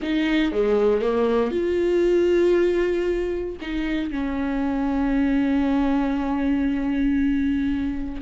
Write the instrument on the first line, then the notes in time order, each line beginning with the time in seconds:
viola
0.02 D#4
0.52 G#3
1.01 A#3
1.51 F4
3.61 D#4
4.11 C#4